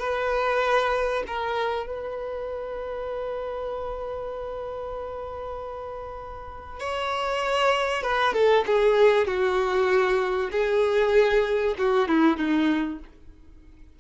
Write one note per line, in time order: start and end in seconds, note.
0.00 1.24 B4
1.27 1.87 A#4
1.87 6.80 B4
6.80 8.03 C#5
8.03 8.34 B4
8.34 8.65 A4
8.67 9.28 G#4
9.28 10.51 F#4
10.52 11.76 G#4
11.79 12.09 F#4
12.09 12.38 E4
12.38 13.00 D#4